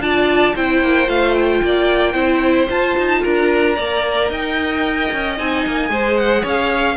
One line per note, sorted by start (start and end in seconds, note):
0.00 0.54 D4
0.00 0.56 F4
0.00 0.55 D5
0.00 0.56 A5
0.55 0.82 C4
0.55 1.07 E4
0.55 1.62 C5
0.55 1.10 G5
0.82 1.08 A#3
1.07 1.61 A3
1.07 2.14 F4
1.07 1.34 F5
1.34 2.68 G5
1.63 2.14 A#3
1.63 2.12 D5
2.12 2.68 C4
2.12 2.68 E4
2.12 3.20 C5
2.69 3.76 F4
2.69 2.97 F4
2.69 3.24 A5
2.98 3.24 D#4
3.23 3.78 D4
3.23 3.76 A#4
3.23 4.31 A#5
3.76 4.30 A#3
3.76 5.38 A#4
3.76 4.29 D5
4.30 5.10 D#4
4.30 5.90 D#5
4.30 5.39 G5
5.12 5.39 C#4
5.38 5.66 C4
5.38 5.89 D#4
5.38 6.17 G#5
5.67 5.89 A#3
5.89 6.43 G#3
5.89 6.97 G#4
5.89 6.42 C5
6.17 6.44 F#5
6.42 6.97 C#4
6.42 6.95 C#5
6.48 6.97 F5